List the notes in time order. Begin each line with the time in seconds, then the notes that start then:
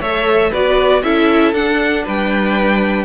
0.00 A3 A4 C#5 E5
0.50 B3 F#4 B4 D5
1.02 C#4 E4 A4 E5
1.53 D4 F#5
2.04 G3 B4 G5